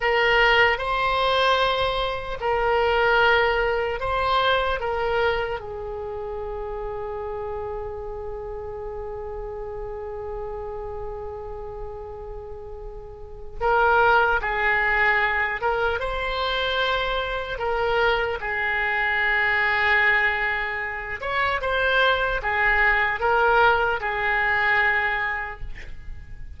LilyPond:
\new Staff \with { instrumentName = "oboe" } { \time 4/4 \tempo 4 = 75 ais'4 c''2 ais'4~ | ais'4 c''4 ais'4 gis'4~ | gis'1~ | gis'1~ |
gis'4 ais'4 gis'4. ais'8 | c''2 ais'4 gis'4~ | gis'2~ gis'8 cis''8 c''4 | gis'4 ais'4 gis'2 | }